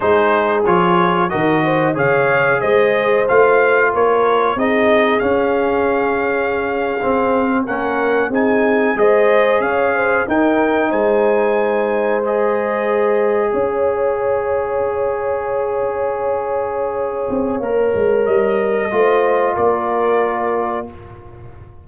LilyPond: <<
  \new Staff \with { instrumentName = "trumpet" } { \time 4/4 \tempo 4 = 92 c''4 cis''4 dis''4 f''4 | dis''4 f''4 cis''4 dis''4 | f''2.~ f''8. fis''16~ | fis''8. gis''4 dis''4 f''4 g''16~ |
g''8. gis''2 dis''4~ dis''16~ | dis''8. f''2.~ f''16~ | f''1 | dis''2 d''2 | }
  \new Staff \with { instrumentName = "horn" } { \time 4/4 gis'2 ais'8 c''8 cis''4 | c''2 ais'4 gis'4~ | gis'2.~ gis'8. ais'16~ | ais'8. gis'4 c''4 cis''8 c''8 ais'16~ |
ais'8. c''2.~ c''16~ | c''8. cis''2.~ cis''16~ | cis''1~ | cis''4 c''4 ais'2 | }
  \new Staff \with { instrumentName = "trombone" } { \time 4/4 dis'4 f'4 fis'4 gis'4~ | gis'4 f'2 dis'4 | cis'2~ cis'8. c'4 cis'16~ | cis'8. dis'4 gis'2 dis'16~ |
dis'2~ dis'8. gis'4~ gis'16~ | gis'1~ | gis'2. ais'4~ | ais'4 f'2. | }
  \new Staff \with { instrumentName = "tuba" } { \time 4/4 gis4 f4 dis4 cis4 | gis4 a4 ais4 c'4 | cis'2~ cis'8. c'4 ais16~ | ais8. c'4 gis4 cis'4 dis'16~ |
dis'8. gis2.~ gis16~ | gis8. cis'2.~ cis'16~ | cis'2~ cis'8 c'8 ais8 gis8 | g4 a4 ais2 | }
>>